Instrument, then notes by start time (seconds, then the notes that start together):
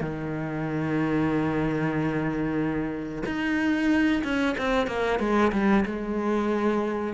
cello
0.00 D#3
3.25 D#4
4.23 C#4
4.57 C4
4.87 A#3
5.19 G#3
5.52 G3
5.85 G#3